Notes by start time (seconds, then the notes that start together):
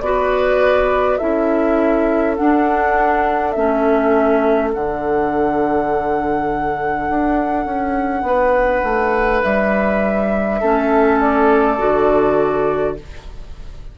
0.00 B3 F#4 B4 D5
1.17 C#4 E4 A4 E5
2.36 D4 F#5
3.51 A3 C#4 E5
4.73 D3 D4 F#5
7.09 D4
7.65 C#4
8.22 B3 B4
8.83 A3
9.42 G3 E5
10.60 A3 C#4 A4
11.20 D5
11.78 D3 F#4